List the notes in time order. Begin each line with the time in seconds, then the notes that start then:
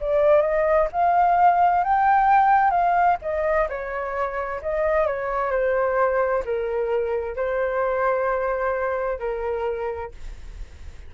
0.00 D5
0.41 D#5
0.92 F5
1.83 G5
2.70 F5
3.21 D#5
3.68 C#5
4.62 D#5
5.06 C#5
5.51 C5
6.45 A#4
7.36 C5
9.18 A#4